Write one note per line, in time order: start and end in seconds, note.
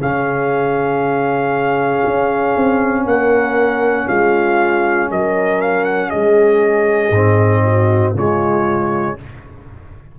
0.00 2.03 C#3
0.00 7.12 C#4
0.00 3.06 G#4
0.00 3.07 F5
2.05 2.56 C#4
2.57 3.06 C4
3.06 4.07 A#3
3.06 4.08 A#4
3.06 4.08 F#5
4.08 5.11 G#3
4.08 5.10 F4
4.08 5.10 F5
5.11 6.12 F#3
5.11 6.10 A#4
5.11 5.62 D#5
5.62 5.85 F5
5.85 6.10 F#5
6.10 7.11 G#3
6.10 7.62 G#4
6.10 8.14 D#5
7.11 8.13 G#2
7.11 8.16 C4
7.64 8.15 F#4
8.15 9.17 C#3
8.15 9.18 G#3
8.15 9.17 F4
8.15 9.20 C#5